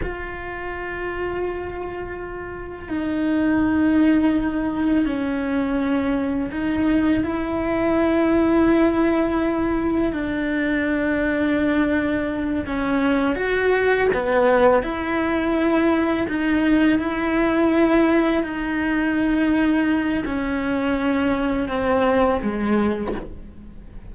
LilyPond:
\new Staff \with { instrumentName = "cello" } { \time 4/4 \tempo 4 = 83 f'1 | dis'2. cis'4~ | cis'4 dis'4 e'2~ | e'2 d'2~ |
d'4. cis'4 fis'4 b8~ | b8 e'2 dis'4 e'8~ | e'4. dis'2~ dis'8 | cis'2 c'4 gis4 | }